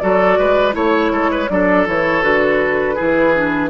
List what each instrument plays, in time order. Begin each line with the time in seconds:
0.00 bassoon F#3, clarinet F#4, oboe A4, flute D5
0.39 bassoon G#3, oboe B4
0.72 bassoon A3, clarinet E4, oboe C#5, flute C#5
1.11 bassoon G#3, oboe A4
1.31 oboe B4
1.50 bassoon F#3, clarinet D4, oboe A4, flute D5
1.87 bassoon E3, clarinet E4, flute C#5
2.22 bassoon D3, clarinet F#4, flute B4
2.96 bassoon E3, clarinet E4, oboe G#4
3.35 clarinet D4